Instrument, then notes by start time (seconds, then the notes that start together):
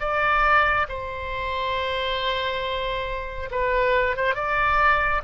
oboe
0.00 D5
0.89 C5
3.51 B4
4.17 C5
4.35 D5